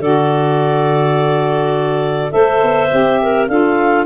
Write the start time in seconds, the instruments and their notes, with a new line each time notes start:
0.00 tuba D3, saxophone F#4, clarinet A4 D5
2.31 tuba A3, saxophone A4, clarinet C5 E5
2.63 tuba B3
2.90 tuba C4, saxophone G4
3.22 clarinet A#4
3.48 tuba D4, saxophone F4, clarinet A4 F5